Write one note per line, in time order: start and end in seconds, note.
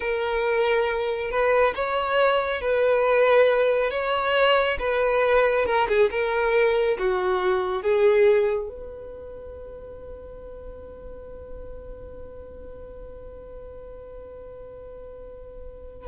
0.00 1.30 A#4
1.30 1.74 B4
1.75 2.61 C#5
2.61 3.90 B4
3.90 4.77 C#5
4.79 5.65 B4
5.65 5.87 A#4
5.88 6.10 G#4
6.10 6.97 A#4
6.98 7.82 F#4
7.82 8.68 G#4
8.68 16.07 B4